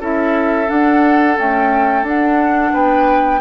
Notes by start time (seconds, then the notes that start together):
0.00 C#4 E4 A4 E5
0.66 D4 F#5
1.37 A3 C#4 G5
2.03 D4 F#5
2.73 B3 B4 G5